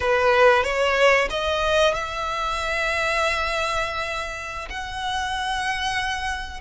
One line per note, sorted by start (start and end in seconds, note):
0.00 0.63 B4
0.63 1.28 C#5
1.30 1.94 D#5
1.94 4.68 E5
4.69 6.60 F#5